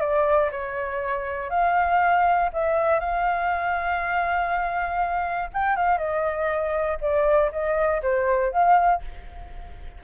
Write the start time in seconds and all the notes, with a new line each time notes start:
0.00 D5
0.51 C#5
1.50 F5
2.53 E5
3.00 F5
5.53 G5
5.76 F5
5.97 D#5
7.01 D5
7.51 D#5
8.02 C5
8.52 F5